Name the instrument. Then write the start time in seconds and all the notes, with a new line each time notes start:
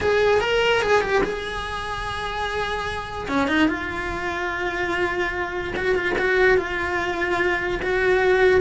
cello
0.00 G#4
0.40 A#4
0.82 G#4
1.01 G4
1.23 G#4
3.28 C#4
3.47 D#4
3.68 F4
5.76 F#4
5.95 F4
6.18 F#4
6.57 F4
7.82 F#4